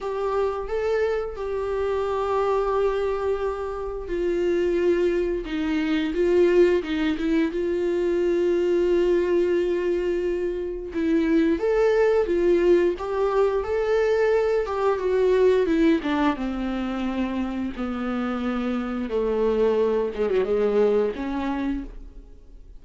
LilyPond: \new Staff \with { instrumentName = "viola" } { \time 4/4 \tempo 4 = 88 g'4 a'4 g'2~ | g'2 f'2 | dis'4 f'4 dis'8 e'8 f'4~ | f'1 |
e'4 a'4 f'4 g'4 | a'4. g'8 fis'4 e'8 d'8 | c'2 b2 | a4. gis16 fis16 gis4 cis'4 | }